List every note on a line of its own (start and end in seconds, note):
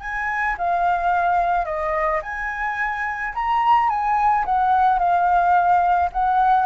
0.00 0.56 G#5
0.58 1.65 F5
1.65 2.20 D#5
2.22 3.33 G#5
3.34 3.89 A#5
3.89 4.45 G#5
4.45 4.98 F#5
4.98 6.10 F5
6.12 6.65 F#5